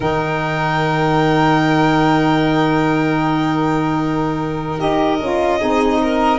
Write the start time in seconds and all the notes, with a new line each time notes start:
0.00 D#3 D#4 A#4 G5
4.78 D#4 G4 D#5
5.20 C#4 F4
5.58 C4 D#4 G#4
6.02 A#4